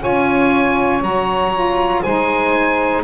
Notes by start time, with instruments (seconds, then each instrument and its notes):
0.00 saxophone F4 C#5, oboe G#5
0.06 double bass C#4
1.01 double bass F#3, saxophone F#4, oboe A#5
1.53 saxophone F4
2.03 double bass G#3, saxophone D#4 C5, oboe G#5